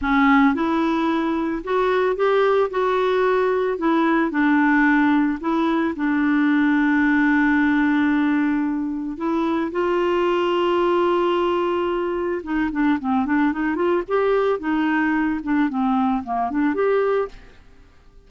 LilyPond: \new Staff \with { instrumentName = "clarinet" } { \time 4/4 \tempo 4 = 111 cis'4 e'2 fis'4 | g'4 fis'2 e'4 | d'2 e'4 d'4~ | d'1~ |
d'4 e'4 f'2~ | f'2. dis'8 d'8 | c'8 d'8 dis'8 f'8 g'4 dis'4~ | dis'8 d'8 c'4 ais8 d'8 g'4 | }